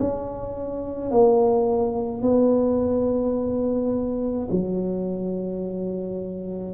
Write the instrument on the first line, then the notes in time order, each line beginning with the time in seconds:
tuba
0.00 C#4
1.11 A#3
2.22 B3
4.51 F#3